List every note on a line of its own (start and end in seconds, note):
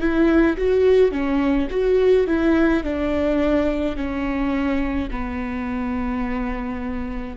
0.00 0.57 E4
0.57 1.11 F#4
1.11 1.68 C#4
1.70 2.27 F#4
2.27 2.83 E4
2.83 3.96 D4
3.96 5.09 C#4
5.10 7.36 B3